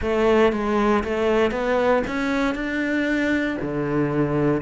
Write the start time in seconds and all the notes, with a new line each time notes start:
0.01 A3
0.52 G#3
1.04 A3
1.51 B3
2.07 C#4
2.55 D4
3.61 D3